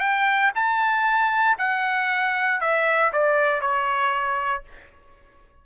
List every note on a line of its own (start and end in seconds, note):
0.00 0.51 G5
0.55 1.57 A5
1.58 2.61 F#5
2.61 3.12 E5
3.13 3.61 D5
3.61 4.63 C#5